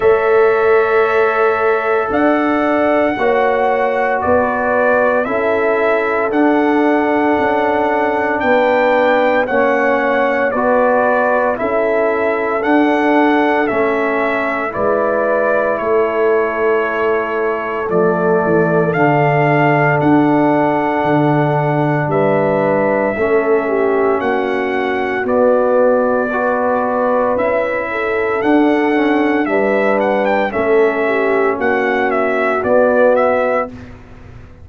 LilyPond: <<
  \new Staff \with { instrumentName = "trumpet" } { \time 4/4 \tempo 4 = 57 e''2 fis''2 | d''4 e''4 fis''2 | g''4 fis''4 d''4 e''4 | fis''4 e''4 d''4 cis''4~ |
cis''4 d''4 f''4 fis''4~ | fis''4 e''2 fis''4 | d''2 e''4 fis''4 | e''8 fis''16 g''16 e''4 fis''8 e''8 d''8 e''8 | }
  \new Staff \with { instrumentName = "horn" } { \time 4/4 cis''2 d''4 cis''4 | b'4 a'2. | b'4 cis''4 b'4 a'4~ | a'2 b'4 a'4~ |
a'1~ | a'4 b'4 a'8 g'8 fis'4~ | fis'4 b'4. a'4. | b'4 a'8 g'8 fis'2 | }
  \new Staff \with { instrumentName = "trombone" } { \time 4/4 a'2. fis'4~ | fis'4 e'4 d'2~ | d'4 cis'4 fis'4 e'4 | d'4 cis'4 e'2~ |
e'4 a4 d'2~ | d'2 cis'2 | b4 fis'4 e'4 d'8 cis'8 | d'4 cis'2 b4 | }
  \new Staff \with { instrumentName = "tuba" } { \time 4/4 a2 d'4 ais4 | b4 cis'4 d'4 cis'4 | b4 ais4 b4 cis'4 | d'4 a4 gis4 a4~ |
a4 f8 e8 d4 d'4 | d4 g4 a4 ais4 | b2 cis'4 d'4 | g4 a4 ais4 b4 | }
>>